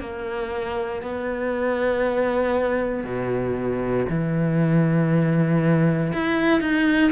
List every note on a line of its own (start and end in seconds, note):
0.00 1.02 A#3
1.02 3.04 B3
3.04 4.05 B2
4.09 6.12 E3
6.12 6.61 E4
6.61 7.11 D#4